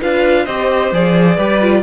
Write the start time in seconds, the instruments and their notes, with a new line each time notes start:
0.00 cello D4, viola F4, violin B4 F5
0.45 cello C4, viola G4, violin C5 D#5
0.92 cello F3, viola G#4, violin D5
1.36 cello G3, viola G4, violin B4
1.61 viola F4